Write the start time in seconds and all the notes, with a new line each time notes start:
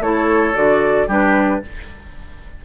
0.00 A3 E4 A4 C#5
0.54 D3 F#4 D5
1.08 G3 D4 G4 B4